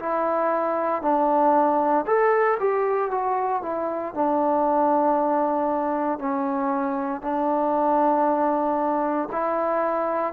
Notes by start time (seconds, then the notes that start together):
0.00 E4
1.03 D4
2.07 A4
2.60 G4
3.11 F#4
3.63 E4
4.15 D4
6.19 C#4
7.22 D4
9.32 E4